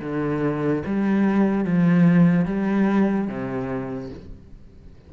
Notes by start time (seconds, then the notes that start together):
0.00 D3
0.86 G3
1.64 F3
2.45 G3
3.27 C3